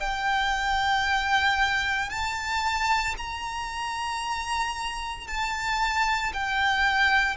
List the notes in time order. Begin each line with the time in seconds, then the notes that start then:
0.00 G5
2.10 A5
3.17 A#5
5.27 A5
6.33 G5